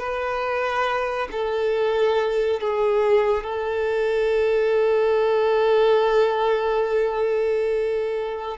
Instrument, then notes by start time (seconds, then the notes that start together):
violin
0.00 B4
1.32 A4
2.61 G#4
3.44 A4